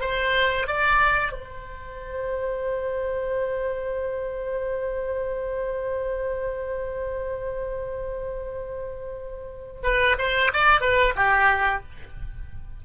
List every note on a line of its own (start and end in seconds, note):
0.00 0.67 C5
0.67 1.32 D5
1.32 9.82 C5
9.83 10.16 B4
10.18 10.52 C5
10.53 10.80 D5
10.80 11.14 B4
11.15 11.82 G4